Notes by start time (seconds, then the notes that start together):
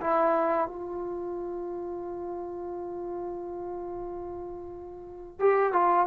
0.00 E4
0.67 F4
5.39 G4
5.72 F4